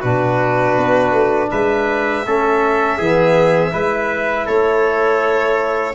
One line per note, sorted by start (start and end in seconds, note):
0.00 0.77 B2
0.00 2.26 D4
0.00 1.48 F#4
0.00 1.49 B4
0.77 1.12 B3
1.12 1.49 A3
1.51 2.25 G#3
1.51 2.25 B4
1.51 4.48 E5
2.25 2.99 A3
2.25 3.01 C#4
2.25 2.97 A4
2.97 3.73 E3
2.97 3.71 B3
2.97 3.71 G#4
3.71 4.47 G#3
3.71 5.94 E4
3.71 4.46 B4
4.46 5.95 A3
4.46 5.94 A4
4.46 5.95 C#5